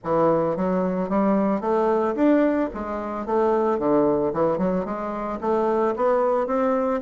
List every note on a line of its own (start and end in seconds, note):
0.03 0.56 E3
0.56 1.09 F#3
1.09 1.60 G3
1.60 2.14 A3
2.15 2.69 D4
2.73 3.26 G#3
3.26 3.78 A3
3.78 4.32 D3
4.33 4.58 E3
4.58 4.85 F#3
4.85 5.39 G#3
5.40 5.94 A3
5.96 6.46 B3
6.46 7.00 C4